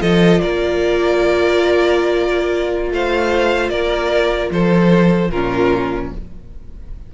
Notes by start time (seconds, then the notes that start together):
0.00 F3 F4 A4 D#5
0.41 A#3 A#4 D5
2.91 A3 C5 F5
3.70 A#3 A#4 D5
4.51 F3 A4 C5
5.31 A#2 C#4 F4 A#4